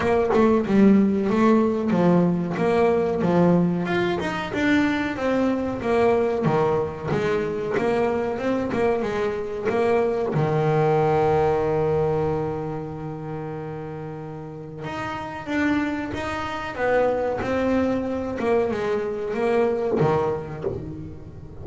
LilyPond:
\new Staff \with { instrumentName = "double bass" } { \time 4/4 \tempo 4 = 93 ais8 a8 g4 a4 f4 | ais4 f4 f'8 dis'8 d'4 | c'4 ais4 dis4 gis4 | ais4 c'8 ais8 gis4 ais4 |
dis1~ | dis2. dis'4 | d'4 dis'4 b4 c'4~ | c'8 ais8 gis4 ais4 dis4 | }